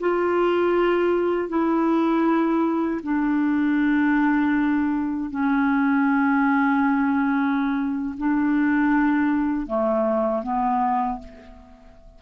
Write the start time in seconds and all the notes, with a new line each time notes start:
0.00 F4
1.49 E4
3.03 D4
5.30 C#4
8.18 D4
9.67 A3
10.43 B3